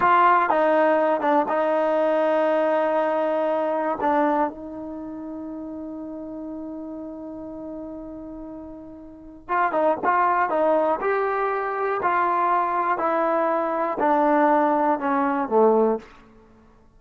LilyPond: \new Staff \with { instrumentName = "trombone" } { \time 4/4 \tempo 4 = 120 f'4 dis'4. d'8 dis'4~ | dis'1 | d'4 dis'2.~ | dis'1~ |
dis'2. f'8 dis'8 | f'4 dis'4 g'2 | f'2 e'2 | d'2 cis'4 a4 | }